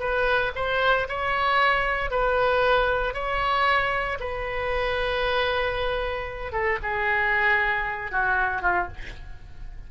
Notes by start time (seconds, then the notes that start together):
0.00 B4
0.56 C5
1.09 C#5
2.11 B4
3.14 C#5
4.20 B4
6.52 A4
6.83 G#4
8.12 F#4
8.62 F4